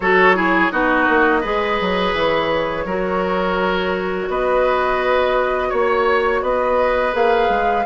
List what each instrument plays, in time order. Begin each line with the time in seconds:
0.00 bassoon F#3, clarinet F#4, oboe A4, flute C#5
0.35 clarinet E4, oboe G#4
0.71 bassoon B3, clarinet D#4, oboe F#4, flute D#5
1.08 bassoon A#3
1.40 bassoon G#3, clarinet G#4, oboe B4
1.80 bassoon F#3
2.13 bassoon E3, flute C#5
2.84 bassoon F#3, clarinet F#4, oboe A#4
4.28 bassoon B3, oboe B4, flute D#5
5.69 bassoon A#3, oboe C#5, flute C#5
6.42 bassoon B3, oboe B4, flute D#5
7.12 bassoon A#3, clarinet G#4, flute F5
7.49 bassoon G#3